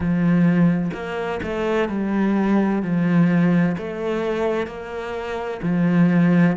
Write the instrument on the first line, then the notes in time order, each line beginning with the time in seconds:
cello
0.00 F3
0.93 A#3
1.43 A3
1.88 G3
2.82 F3
3.78 A3
4.66 A#3
5.62 F3